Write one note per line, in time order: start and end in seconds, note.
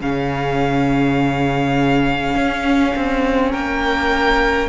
0.00 2.35 C#3
0.00 4.69 C#4
0.00 3.51 G#4
0.00 3.52 F5
2.35 2.94 C#4
2.96 3.54 C4
3.51 4.69 A#3
3.51 4.69 A#4
3.51 4.69 G5